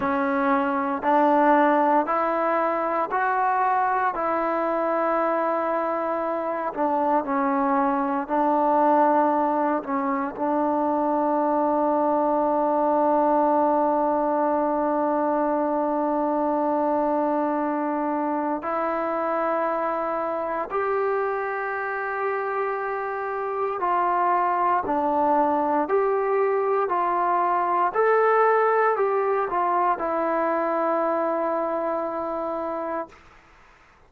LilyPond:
\new Staff \with { instrumentName = "trombone" } { \time 4/4 \tempo 4 = 58 cis'4 d'4 e'4 fis'4 | e'2~ e'8 d'8 cis'4 | d'4. cis'8 d'2~ | d'1~ |
d'2 e'2 | g'2. f'4 | d'4 g'4 f'4 a'4 | g'8 f'8 e'2. | }